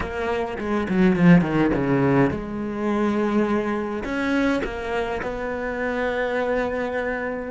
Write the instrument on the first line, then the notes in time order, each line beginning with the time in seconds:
cello
0.00 A#3
0.58 G#3
0.89 F#3
1.16 F3
1.41 D#3
1.74 C#3
2.30 G#3
4.04 C#4
4.64 A#3
5.22 B3